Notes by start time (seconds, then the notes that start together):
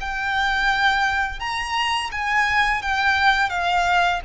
0.00 G5
1.39 A#5
2.11 G#5
2.82 G5
3.49 F5